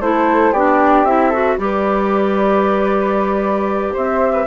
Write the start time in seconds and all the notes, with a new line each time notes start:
0.00 A3 E4 A4 C5
0.52 B3 D4 G4 D5
1.04 C4 E4 E5
1.30 F#4 A4
1.58 G3 G4 B4 D5
3.93 C4 C5 E5
4.32 B4